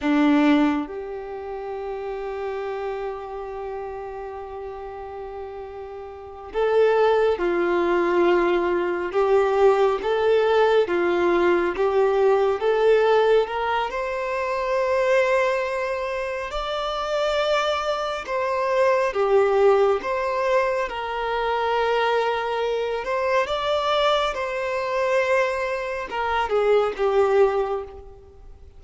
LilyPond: \new Staff \with { instrumentName = "violin" } { \time 4/4 \tempo 4 = 69 d'4 g'2.~ | g'2.~ g'8 a'8~ | a'8 f'2 g'4 a'8~ | a'8 f'4 g'4 a'4 ais'8 |
c''2. d''4~ | d''4 c''4 g'4 c''4 | ais'2~ ais'8 c''8 d''4 | c''2 ais'8 gis'8 g'4 | }